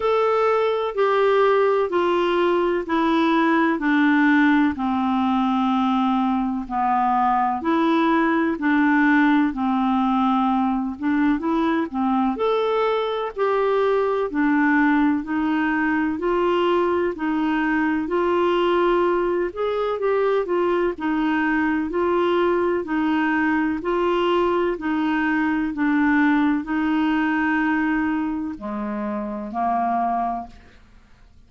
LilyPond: \new Staff \with { instrumentName = "clarinet" } { \time 4/4 \tempo 4 = 63 a'4 g'4 f'4 e'4 | d'4 c'2 b4 | e'4 d'4 c'4. d'8 | e'8 c'8 a'4 g'4 d'4 |
dis'4 f'4 dis'4 f'4~ | f'8 gis'8 g'8 f'8 dis'4 f'4 | dis'4 f'4 dis'4 d'4 | dis'2 gis4 ais4 | }